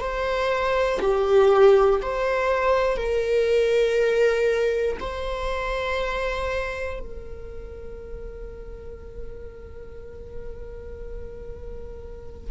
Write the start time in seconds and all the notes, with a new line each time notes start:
0.00 C5
1.00 G4
2.01 C5
2.96 A#4
5.00 C5
7.00 A#4